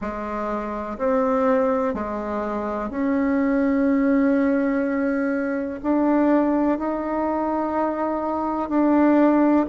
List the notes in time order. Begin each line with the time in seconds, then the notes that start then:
0.00 G#3
0.98 C4
1.94 G#3
2.90 C#4
5.82 D4
6.78 D#4
8.69 D4